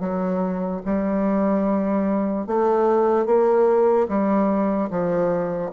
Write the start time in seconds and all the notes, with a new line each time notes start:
0.00 F#3
0.86 G3
2.47 A3
3.26 A#3
4.08 G3
4.90 F3